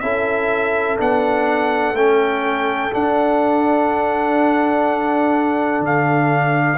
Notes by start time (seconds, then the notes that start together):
0.00 C#4 E4 A4 E5
0.98 B3 D4 F#5
1.93 A3 C#4 G5
2.91 D4 F#5
5.80 D3 F5